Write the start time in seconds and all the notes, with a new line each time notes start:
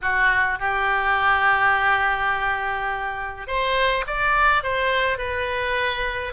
0.01 F#4
0.59 G4
3.47 C5
4.06 D5
4.63 C5
5.18 B4